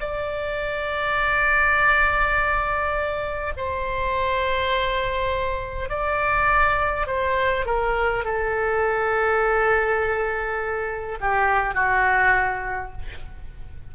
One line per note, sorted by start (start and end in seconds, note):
0.00 3.53 D5
3.57 5.89 C5
5.89 7.07 D5
7.07 7.66 C5
7.66 8.25 A#4
8.25 11.19 A4
11.20 11.74 G4
11.74 12.92 F#4